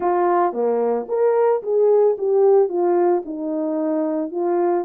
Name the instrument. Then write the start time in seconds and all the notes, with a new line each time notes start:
horn
0.00 F4
0.52 A#3
1.08 A#4
1.62 G#4
2.18 G4
2.68 F4
3.25 D#4
4.31 F4